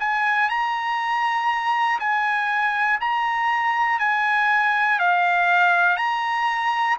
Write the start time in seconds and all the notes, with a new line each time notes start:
0.00 G#5
0.49 A#5
2.00 G#5
3.00 A#5
3.99 G#5
4.99 F5
5.97 A#5